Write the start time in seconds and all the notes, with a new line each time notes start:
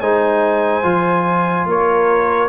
0.00 G#3 D#4 C5 G#5
0.83 F3 F4
1.66 A#3 A#4 C#5